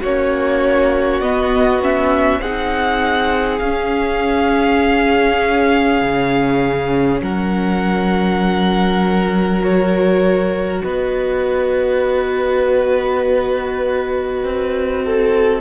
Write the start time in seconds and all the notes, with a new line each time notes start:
0.00 A#3 C#4 F#4 C#5
1.20 B3 D#5
1.81 C#4 E5
2.40 C4 D#4 G#4 F#5
3.58 C#4 F5
6.01 C#3
7.21 F#3 A#4 F#5
9.61 F#4 C#5
10.82 B3 B4 D#5
14.43 C4
15.04 A4